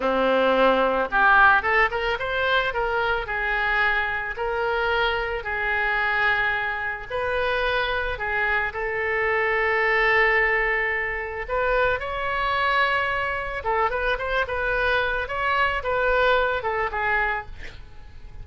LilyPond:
\new Staff \with { instrumentName = "oboe" } { \time 4/4 \tempo 4 = 110 c'2 g'4 a'8 ais'8 | c''4 ais'4 gis'2 | ais'2 gis'2~ | gis'4 b'2 gis'4 |
a'1~ | a'4 b'4 cis''2~ | cis''4 a'8 b'8 c''8 b'4. | cis''4 b'4. a'8 gis'4 | }